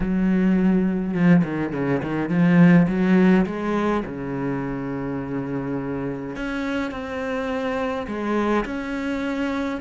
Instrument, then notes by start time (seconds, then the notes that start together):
cello
0.00 F#3
1.14 F3
1.44 D#3
1.73 C#3
2.02 D#3
2.29 F3
2.87 F#3
3.46 G#3
4.05 C#3
6.36 C#4
6.91 C4
8.07 G#3
8.65 C#4